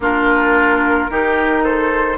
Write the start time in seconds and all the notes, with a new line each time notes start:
0.00 A#3 D4 F4 A#4
1.09 D#3 D#4 G4
1.63 A4 C5